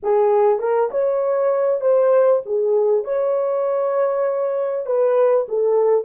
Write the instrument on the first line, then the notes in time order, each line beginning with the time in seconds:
horn
0.02 G#4
0.59 A#4
0.90 C#5
1.80 C5
2.45 G#4
3.04 C#5
4.86 B4
5.48 A4